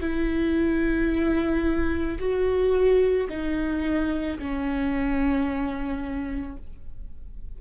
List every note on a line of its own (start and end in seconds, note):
0.00 2.18 E4
2.19 3.28 F#4
3.29 4.38 D#4
4.38 6.57 C#4